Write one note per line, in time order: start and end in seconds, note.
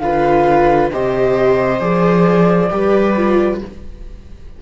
0.00 0.90 D3
0.00 0.92 F4
0.00 0.92 B4
0.00 0.90 F5
0.91 1.81 C3
0.91 1.79 G4
0.91 2.71 C5
0.91 1.81 D#5
1.79 2.71 F3
1.79 2.69 G#4
1.79 3.60 D5
2.71 3.62 G3
2.71 3.15 G4
2.71 3.62 B4
3.16 3.61 F4